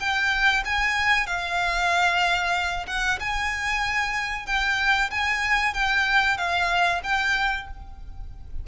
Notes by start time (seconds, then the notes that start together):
0.00 G5
0.66 G#5
1.27 F5
2.88 F#5
3.20 G#5
4.47 G5
5.11 G#5
5.74 G5
6.38 F5
7.04 G5